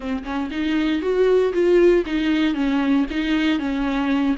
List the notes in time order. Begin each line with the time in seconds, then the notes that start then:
0.00 C4
0.24 C#4
0.51 D#4
1.01 F#4
1.53 F4
2.05 D#4
2.54 C#4
3.10 D#4
3.59 C#4